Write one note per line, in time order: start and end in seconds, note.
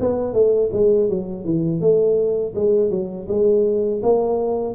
0.00 0.33 B3
0.33 0.70 A3
0.72 1.09 G#3
1.09 1.44 F#3
1.44 1.80 E3
1.80 2.53 A3
2.55 2.90 G#3
2.90 3.26 F#3
3.28 4.01 G#3
4.02 4.74 A#3